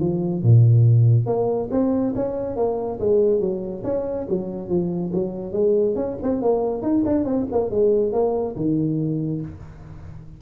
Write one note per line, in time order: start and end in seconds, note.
0.00 0.42 F3
0.42 1.26 A#2
1.26 1.69 A#3
1.71 2.14 C4
2.15 2.56 C#4
2.56 2.99 A#3
3.00 3.40 G#3
3.40 3.83 F#3
3.84 4.27 C#4
4.29 4.68 F#3
4.68 5.11 F3
5.13 5.53 F#3
5.53 5.95 G#3
5.95 6.17 C#4
6.22 6.41 C4
6.41 6.82 A#3
6.82 7.03 D#4
7.05 7.24 D4
7.24 7.46 C4
7.52 7.70 A#3
7.70 8.12 G#3
8.12 8.55 A#3
8.56 9.41 D#3